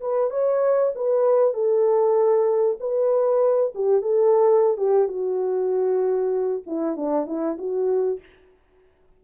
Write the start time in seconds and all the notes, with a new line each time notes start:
0.00 B4
0.30 C#5
0.95 B4
1.53 A4
2.80 B4
3.75 G4
4.01 A4
4.77 G4
5.08 F#4
6.66 E4
6.96 D4
7.26 E4
7.58 F#4